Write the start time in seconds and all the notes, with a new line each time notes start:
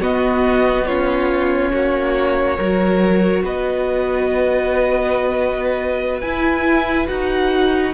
0.00 B3 F#4 D#5
0.86 C#4 F4 C#5
1.72 A#3 F#4
2.57 F#3 F#4 A#4
3.43 B3 B4 D#5
6.21 E4 G#5
7.07 D#4 F#4 F#5